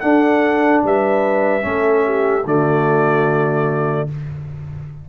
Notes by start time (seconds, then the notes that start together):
0.00 D4 A4 F#5
0.84 G3 B4 E5
1.61 A3 C#4 A4
2.05 G4
2.45 D3 A3 F#4 D5